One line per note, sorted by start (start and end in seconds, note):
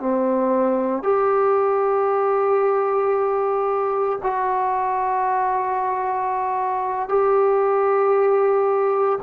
0.00 1.03 C4
1.03 4.19 G4
4.23 7.09 F#4
7.09 9.19 G4